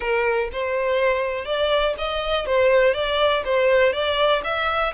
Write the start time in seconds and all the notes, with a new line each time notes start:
0.00 A#4
0.52 C5
1.45 D5
1.98 D#5
2.46 C5
2.94 D5
3.44 C5
3.93 D5
4.44 E5